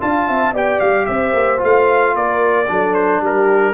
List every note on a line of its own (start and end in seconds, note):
0.00 0.29 D4
0.00 0.54 F4
0.00 0.28 F5
0.00 0.54 A5
0.28 0.53 C4
0.28 0.53 E5
0.53 0.79 B3
0.53 1.57 G4
0.53 1.07 D5
0.53 0.79 G5
0.79 1.07 G3
0.79 1.05 F5
1.05 1.32 C4
1.05 2.15 C5
1.05 1.59 E5
1.32 1.59 A#3
1.57 2.15 A3
1.57 2.65 F4
1.64 2.15 F5
2.15 2.68 A#3
2.15 2.69 A#4
2.15 2.94 D5
2.67 3.20 F#3
2.67 3.74 D4
2.67 3.22 A4
2.94 3.20 C5
3.20 3.74 G3
3.20 3.74 G4
3.20 3.74 A#4